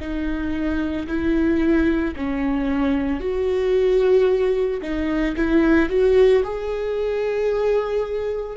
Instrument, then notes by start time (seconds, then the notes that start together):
viola
0.00 D#4
1.08 E4
2.17 C#4
3.20 F#4
4.82 D#4
5.36 E4
5.90 F#4
6.44 G#4